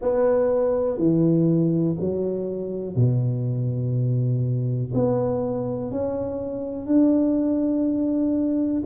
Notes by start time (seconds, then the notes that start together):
0.01 B3
0.97 E3
1.99 F#3
2.95 B2
4.94 B3
5.91 C#4
6.86 D4